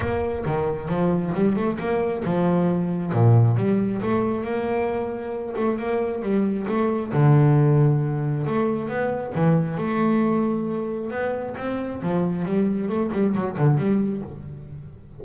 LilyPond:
\new Staff \with { instrumentName = "double bass" } { \time 4/4 \tempo 4 = 135 ais4 dis4 f4 g8 a8 | ais4 f2 ais,4 | g4 a4 ais2~ | ais8 a8 ais4 g4 a4 |
d2. a4 | b4 e4 a2~ | a4 b4 c'4 f4 | g4 a8 g8 fis8 d8 g4 | }